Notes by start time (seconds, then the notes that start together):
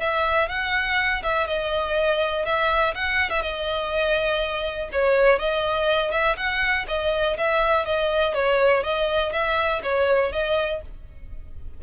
0.00 E5
0.49 F#5
1.23 E5
1.47 D#5
2.45 E5
2.95 F#5
3.30 E5
3.42 D#5
4.92 C#5
5.39 D#5
6.12 E5
6.37 F#5
6.88 D#5
7.38 E5
7.86 D#5
8.34 C#5
8.84 D#5
9.33 E5
9.83 C#5
10.33 D#5